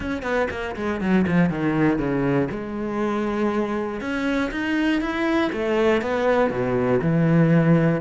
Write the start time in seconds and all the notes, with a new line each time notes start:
0.00 C#4
0.22 B3
0.50 A#3
0.75 G#3
1.00 F#3
1.27 F3
1.49 D#3
1.98 C#3
2.50 G#3
4.00 C#4
4.51 D#4
5.01 E4
5.52 A3
6.01 B3
6.50 B2
7.01 E3